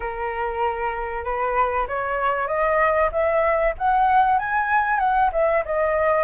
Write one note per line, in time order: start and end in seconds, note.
0.00 1.24 A#4
1.24 1.86 B4
1.87 2.47 C#5
2.47 3.09 D#5
3.11 3.74 E5
3.78 4.38 F#5
4.38 4.99 G#5
4.99 5.30 F#5
5.32 5.63 E5
5.65 6.24 D#5